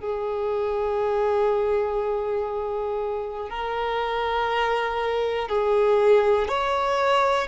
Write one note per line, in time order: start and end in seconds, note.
0.00 3.49 G#4
3.49 5.49 A#4
5.49 6.48 G#4
6.48 7.47 C#5